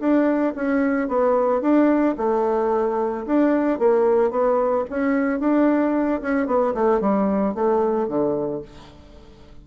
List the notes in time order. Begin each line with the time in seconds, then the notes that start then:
0.00 D4
0.55 C#4
1.08 B3
1.61 D4
2.17 A3
3.26 D4
3.79 A#3
4.31 B3
4.90 C#4
5.40 D4
6.21 C#4
6.47 B3
6.74 A3
7.01 G3
7.55 A3
8.08 D3